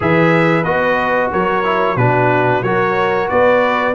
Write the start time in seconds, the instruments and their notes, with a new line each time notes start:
0.00 tuba E3, trombone G#4, horn B4, trumpet E5
0.63 tuba B3, trombone F#4, trumpet D#5
1.31 tuba F#3, horn A#4, trumpet C#5
1.63 trombone E4
1.96 tuba B2, trombone D4, horn F#4, trumpet B4
2.62 tuba F#3, trombone F#4, horn A#4, trumpet C#5
3.28 tuba B3, horn B4, trumpet D5